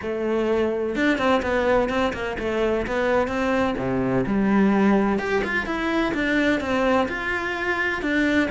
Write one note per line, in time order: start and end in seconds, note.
0.02 0.95 A3
0.95 1.18 D4
1.18 1.41 C4
1.42 1.89 B3
1.89 2.13 C4
2.13 2.37 A#3
2.39 2.86 A3
2.86 3.27 B3
3.27 3.75 C4
3.78 4.25 C3
4.26 5.18 G3
5.18 5.42 G4
5.44 5.65 F4
5.65 6.13 E4
6.14 6.60 D4
6.60 7.07 C4
7.08 8.02 F4
8.02 8.49 D4